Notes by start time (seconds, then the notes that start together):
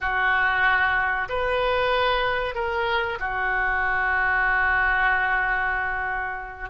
0.01 F#4
1.28 B4
2.54 A#4
3.19 F#4